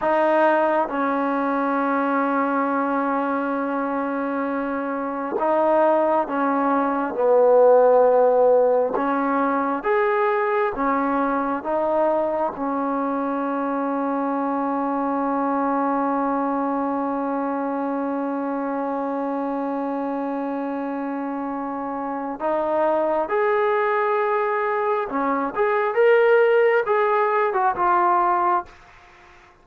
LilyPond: \new Staff \with { instrumentName = "trombone" } { \time 4/4 \tempo 4 = 67 dis'4 cis'2.~ | cis'2 dis'4 cis'4 | b2 cis'4 gis'4 | cis'4 dis'4 cis'2~ |
cis'1~ | cis'1~ | cis'4 dis'4 gis'2 | cis'8 gis'8 ais'4 gis'8. fis'16 f'4 | }